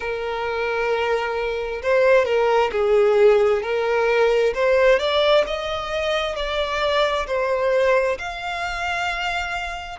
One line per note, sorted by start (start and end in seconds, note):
0.00 1.81 A#4
1.82 2.25 C5
2.25 2.70 A#4
2.71 3.62 G#4
3.62 4.53 A#4
4.54 4.99 C5
4.99 5.44 D5
5.46 6.35 D#5
6.35 7.26 D5
7.26 8.17 C5
8.18 9.99 F5